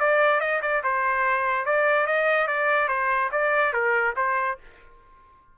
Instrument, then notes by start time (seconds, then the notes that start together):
trumpet
0.00 D5
0.41 D#5
0.62 D5
0.84 C5
1.66 D5
2.07 D#5
2.48 D5
2.88 C5
3.32 D5
3.73 A#4
4.17 C5